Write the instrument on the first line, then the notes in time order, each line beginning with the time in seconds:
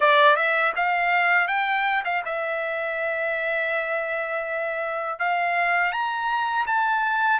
trumpet
0.00 D5
0.35 E5
0.76 F5
1.47 G5
2.04 F5
2.25 E5
5.19 F5
5.92 A#5
6.66 A5